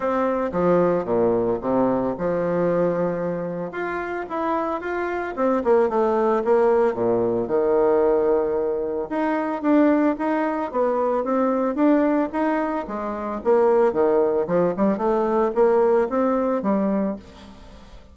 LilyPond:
\new Staff \with { instrumentName = "bassoon" } { \time 4/4 \tempo 4 = 112 c'4 f4 ais,4 c4 | f2. f'4 | e'4 f'4 c'8 ais8 a4 | ais4 ais,4 dis2~ |
dis4 dis'4 d'4 dis'4 | b4 c'4 d'4 dis'4 | gis4 ais4 dis4 f8 g8 | a4 ais4 c'4 g4 | }